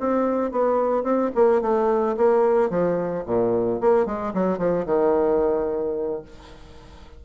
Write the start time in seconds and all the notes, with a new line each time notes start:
0.00 C4
0.52 B3
1.03 C4
1.35 A#3
1.62 A3
2.17 A#3
2.70 F3
3.26 A#2
3.81 A#3
4.06 G#3
4.34 F#3
4.58 F3
4.86 D#3